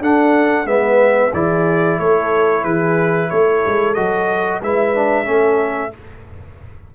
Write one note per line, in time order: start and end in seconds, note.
0.00 0.65 D4
0.00 0.66 D4
0.00 0.66 A4
0.00 0.67 F#5
0.65 1.31 G#3
0.65 1.31 B3
0.65 1.33 B4
0.65 1.33 E5
1.33 1.99 E3
1.33 3.96 E4
1.33 1.99 G#4
1.33 1.99 D5
1.99 2.64 A3
1.99 2.63 A4
1.99 2.64 C#5
2.63 3.30 E3
2.63 3.29 G#4
2.63 3.30 B4
3.30 3.65 A3
3.30 4.62 A4
3.30 3.94 C#5
3.66 3.97 G#3
3.94 4.62 F#3
3.94 4.62 F#4
3.94 4.60 D#5
4.62 5.27 G#3
4.62 4.95 E4
4.62 5.26 B4
4.62 5.95 E5
4.95 5.24 D4
5.24 5.93 A3
5.24 5.90 C#4
5.24 5.92 A4